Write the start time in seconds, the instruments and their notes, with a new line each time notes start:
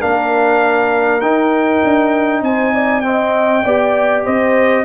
0.00 tuba A#3, trombone D4, horn A#4, trumpet F5
1.21 tuba D#4, trombone D#4, trumpet G5
1.84 tuba D4
2.42 tuba C4, horn C5, trumpet G#5
2.75 horn D5
3.01 trombone C4, horn D#5, trumpet G5
3.64 tuba B3, trombone G4, horn D5
4.25 tuba C4, horn C5, trumpet D#5